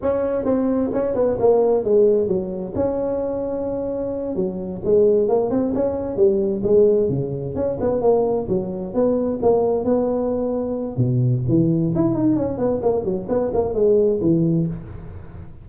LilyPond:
\new Staff \with { instrumentName = "tuba" } { \time 4/4 \tempo 4 = 131 cis'4 c'4 cis'8 b8 ais4 | gis4 fis4 cis'2~ | cis'4. fis4 gis4 ais8 | c'8 cis'4 g4 gis4 cis8~ |
cis8 cis'8 b8 ais4 fis4 b8~ | b8 ais4 b2~ b8 | b,4 e4 e'8 dis'8 cis'8 b8 | ais8 fis8 b8 ais8 gis4 e4 | }